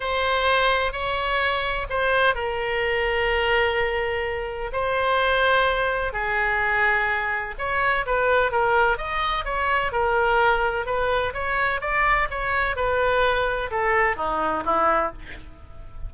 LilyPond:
\new Staff \with { instrumentName = "oboe" } { \time 4/4 \tempo 4 = 127 c''2 cis''2 | c''4 ais'2.~ | ais'2 c''2~ | c''4 gis'2. |
cis''4 b'4 ais'4 dis''4 | cis''4 ais'2 b'4 | cis''4 d''4 cis''4 b'4~ | b'4 a'4 dis'4 e'4 | }